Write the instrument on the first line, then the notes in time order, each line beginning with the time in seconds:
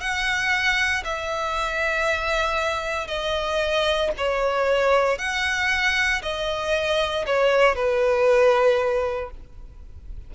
violin
0.00 F#5
1.04 E5
3.07 D#5
4.17 C#5
5.18 F#5
6.22 D#5
7.26 C#5
7.75 B4